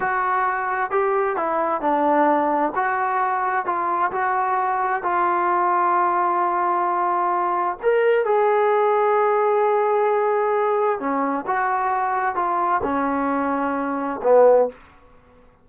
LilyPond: \new Staff \with { instrumentName = "trombone" } { \time 4/4 \tempo 4 = 131 fis'2 g'4 e'4 | d'2 fis'2 | f'4 fis'2 f'4~ | f'1~ |
f'4 ais'4 gis'2~ | gis'1 | cis'4 fis'2 f'4 | cis'2. b4 | }